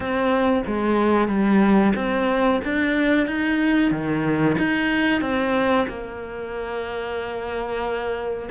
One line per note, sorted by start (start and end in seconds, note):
0.00 0.62 C4
0.66 1.28 G#3
1.28 1.93 G3
1.95 2.60 C4
2.64 3.26 D4
3.26 3.91 D#4
3.91 4.56 D#3
4.58 5.21 D#4
5.21 5.86 C4
5.88 8.49 A#3